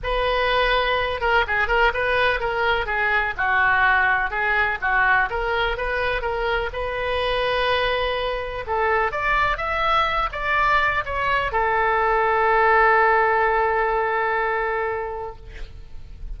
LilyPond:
\new Staff \with { instrumentName = "oboe" } { \time 4/4 \tempo 4 = 125 b'2~ b'8 ais'8 gis'8 ais'8 | b'4 ais'4 gis'4 fis'4~ | fis'4 gis'4 fis'4 ais'4 | b'4 ais'4 b'2~ |
b'2 a'4 d''4 | e''4. d''4. cis''4 | a'1~ | a'1 | }